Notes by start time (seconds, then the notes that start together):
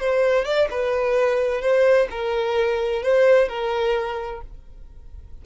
0.00 C5
0.45 D5
0.71 B4
1.61 C5
2.11 A#4
3.03 C5
3.49 A#4